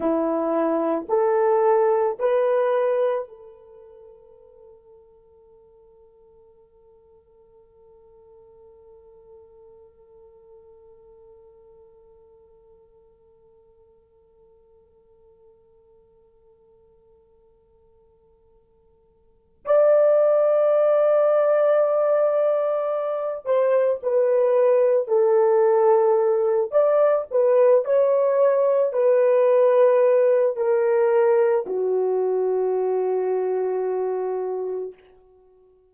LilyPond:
\new Staff \with { instrumentName = "horn" } { \time 4/4 \tempo 4 = 55 e'4 a'4 b'4 a'4~ | a'1~ | a'1~ | a'1~ |
a'2 d''2~ | d''4. c''8 b'4 a'4~ | a'8 d''8 b'8 cis''4 b'4. | ais'4 fis'2. | }